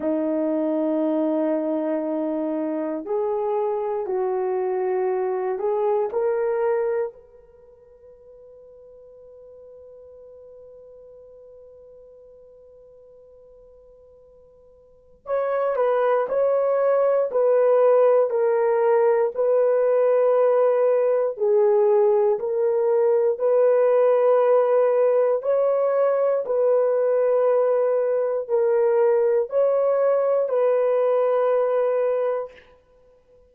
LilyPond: \new Staff \with { instrumentName = "horn" } { \time 4/4 \tempo 4 = 59 dis'2. gis'4 | fis'4. gis'8 ais'4 b'4~ | b'1~ | b'2. cis''8 b'8 |
cis''4 b'4 ais'4 b'4~ | b'4 gis'4 ais'4 b'4~ | b'4 cis''4 b'2 | ais'4 cis''4 b'2 | }